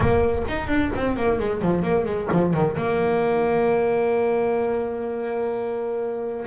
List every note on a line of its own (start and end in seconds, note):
0.00 0.43 A#3
0.48 0.67 D#4
0.67 0.90 D4
0.95 1.16 C4
1.16 1.39 A#3
1.39 1.61 G#3
1.61 1.82 F3
1.82 2.05 A#3
2.05 2.28 G#3
2.32 2.53 F3
2.53 2.76 D#3
2.77 6.46 A#3